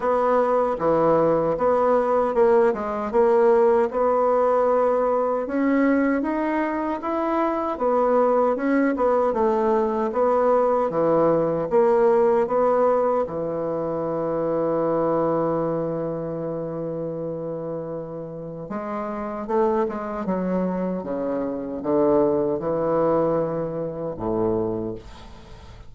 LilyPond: \new Staff \with { instrumentName = "bassoon" } { \time 4/4 \tempo 4 = 77 b4 e4 b4 ais8 gis8 | ais4 b2 cis'4 | dis'4 e'4 b4 cis'8 b8 | a4 b4 e4 ais4 |
b4 e2.~ | e1 | gis4 a8 gis8 fis4 cis4 | d4 e2 a,4 | }